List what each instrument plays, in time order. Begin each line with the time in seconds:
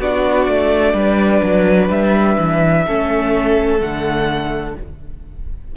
0.00 cello B3, viola D4, violin F#4 D5
0.47 cello A3
0.94 cello G3, violin B4
1.43 cello F#3
1.89 cello G3, violin E5
2.39 cello E3
2.85 cello A3, viola C#4, violin A4
3.79 cello D3, viola A3, violin F#5